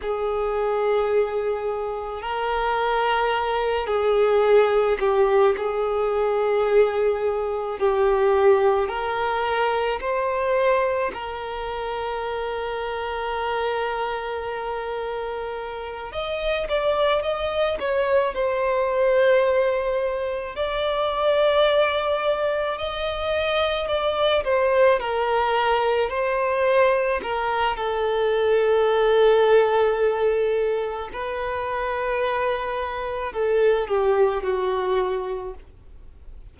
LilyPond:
\new Staff \with { instrumentName = "violin" } { \time 4/4 \tempo 4 = 54 gis'2 ais'4. gis'8~ | gis'8 g'8 gis'2 g'4 | ais'4 c''4 ais'2~ | ais'2~ ais'8 dis''8 d''8 dis''8 |
cis''8 c''2 d''4.~ | d''8 dis''4 d''8 c''8 ais'4 c''8~ | c''8 ais'8 a'2. | b'2 a'8 g'8 fis'4 | }